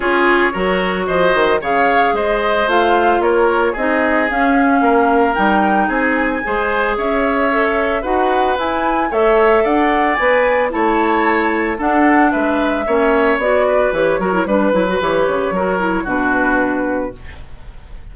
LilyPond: <<
  \new Staff \with { instrumentName = "flute" } { \time 4/4 \tempo 4 = 112 cis''2 dis''4 f''4 | dis''4 f''4 cis''4 dis''4 | f''2 g''4 gis''4~ | gis''4 e''2 fis''4 |
gis''4 e''4 fis''4 gis''4 | a''2 fis''4 e''4~ | e''4 d''4 cis''4 b'4 | cis''2 b'2 | }
  \new Staff \with { instrumentName = "oboe" } { \time 4/4 gis'4 ais'4 c''4 cis''4 | c''2 ais'4 gis'4~ | gis'4 ais'2 gis'4 | c''4 cis''2 b'4~ |
b'4 cis''4 d''2 | cis''2 a'4 b'4 | cis''4. b'4 ais'8 b'4~ | b'4 ais'4 fis'2 | }
  \new Staff \with { instrumentName = "clarinet" } { \time 4/4 f'4 fis'2 gis'4~ | gis'4 f'2 dis'4 | cis'2 dis'2 | gis'2 a'4 fis'4 |
e'4 a'2 b'4 | e'2 d'2 | cis'4 fis'4 g'8 fis'16 e'16 d'8 e'16 fis'16 | g'4 fis'8 e'8 d'2 | }
  \new Staff \with { instrumentName = "bassoon" } { \time 4/4 cis'4 fis4 f8 dis8 cis4 | gis4 a4 ais4 c'4 | cis'4 ais4 g4 c'4 | gis4 cis'2 dis'4 |
e'4 a4 d'4 b4 | a2 d'4 gis4 | ais4 b4 e8 fis8 g8 fis8 | e8 cis8 fis4 b,2 | }
>>